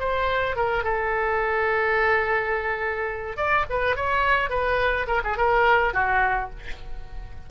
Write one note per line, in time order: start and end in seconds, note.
0.00 0.56 C5
0.56 0.84 A#4
0.84 3.37 A4
3.37 3.65 D5
3.70 3.96 B4
3.96 4.50 C#5
4.50 5.07 B4
5.08 5.22 A#4
5.24 5.38 G#4
5.38 5.94 A#4
5.94 6.50 F#4